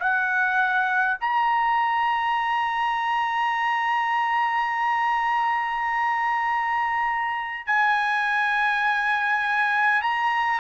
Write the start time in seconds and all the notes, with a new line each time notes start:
0.00 F#5
1.21 A#5
7.67 G#5
10.02 A#5